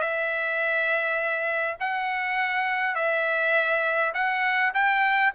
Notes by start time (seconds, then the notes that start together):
0.00 E5
1.79 F#5
2.95 E5
4.14 F#5
4.74 G5